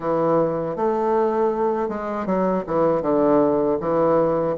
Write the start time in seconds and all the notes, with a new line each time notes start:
0.00 E3
0.76 A3
1.88 G#3
2.25 F#3
2.66 E3
3.02 D3
3.80 E3